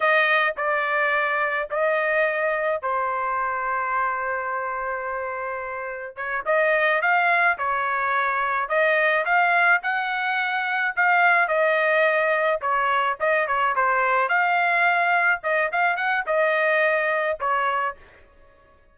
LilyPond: \new Staff \with { instrumentName = "trumpet" } { \time 4/4 \tempo 4 = 107 dis''4 d''2 dis''4~ | dis''4 c''2.~ | c''2. cis''8 dis''8~ | dis''8 f''4 cis''2 dis''8~ |
dis''8 f''4 fis''2 f''8~ | f''8 dis''2 cis''4 dis''8 | cis''8 c''4 f''2 dis''8 | f''8 fis''8 dis''2 cis''4 | }